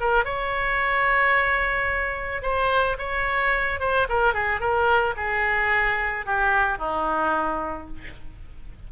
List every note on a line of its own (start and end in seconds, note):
0.00 0.25 A#4
0.25 2.42 C#5
2.42 2.97 C5
2.98 3.80 C#5
3.80 4.07 C5
4.09 4.34 A#4
4.34 4.60 G#4
4.60 5.14 A#4
5.16 6.26 G#4
6.26 6.78 G4
6.78 7.87 D#4